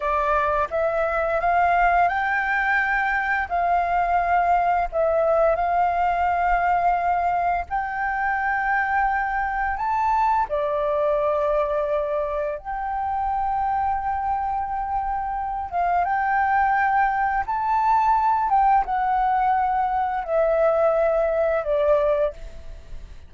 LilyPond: \new Staff \with { instrumentName = "flute" } { \time 4/4 \tempo 4 = 86 d''4 e''4 f''4 g''4~ | g''4 f''2 e''4 | f''2. g''4~ | g''2 a''4 d''4~ |
d''2 g''2~ | g''2~ g''8 f''8 g''4~ | g''4 a''4. g''8 fis''4~ | fis''4 e''2 d''4 | }